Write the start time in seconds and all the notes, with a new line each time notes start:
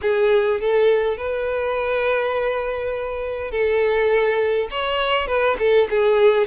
0.01 G#4
0.60 A4
1.17 B4
3.51 A4
4.71 C#5
5.27 B4
5.58 A4
5.90 G#4